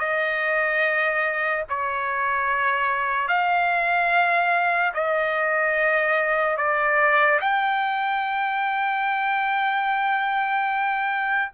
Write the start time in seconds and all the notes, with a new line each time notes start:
0.00 D#5
1.70 C#5
3.29 F5
4.94 D#5
6.58 D5
7.41 G5